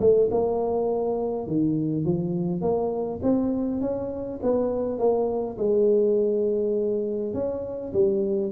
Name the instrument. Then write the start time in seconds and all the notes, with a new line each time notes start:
tuba
0.00 A3
0.31 A#3
1.47 D#3
2.05 F3
2.61 A#3
3.22 C4
3.81 C#4
4.42 B3
4.98 A#3
5.57 G#3
7.34 C#4
7.93 G3